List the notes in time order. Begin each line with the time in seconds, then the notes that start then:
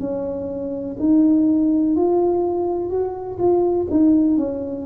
0.00 C#4
0.99 D#4
1.96 F4
2.90 F#4
3.39 F4
3.91 D#4
4.38 C#4